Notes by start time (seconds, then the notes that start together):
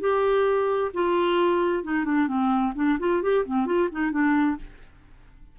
0.00 G4
0.93 F4
1.84 D#4
2.05 D4
2.28 C4
2.75 D4
2.99 F4
3.22 G4
3.45 C4
3.66 F4
3.92 D#4
4.11 D4